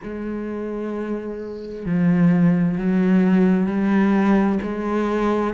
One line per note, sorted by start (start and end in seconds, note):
0.03 1.85 G#3
1.85 2.77 F3
2.77 3.66 F#3
3.66 4.59 G3
4.62 5.53 G#3